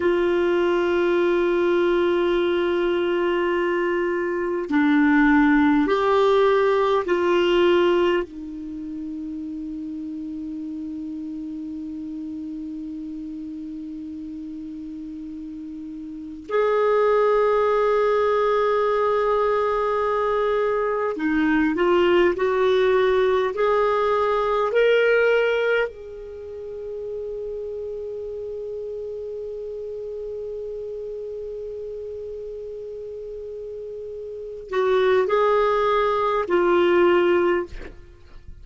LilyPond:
\new Staff \with { instrumentName = "clarinet" } { \time 4/4 \tempo 4 = 51 f'1 | d'4 g'4 f'4 dis'4~ | dis'1~ | dis'2 gis'2~ |
gis'2 dis'8 f'8 fis'4 | gis'4 ais'4 gis'2~ | gis'1~ | gis'4. fis'8 gis'4 f'4 | }